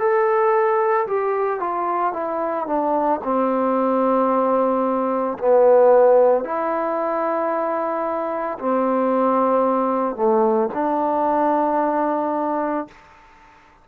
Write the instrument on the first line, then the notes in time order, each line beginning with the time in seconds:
trombone
0.00 A4
1.07 G4
1.60 F4
2.13 E4
2.67 D4
3.24 C4
5.39 B3
6.44 E4
8.60 C4
10.16 A3
10.74 D4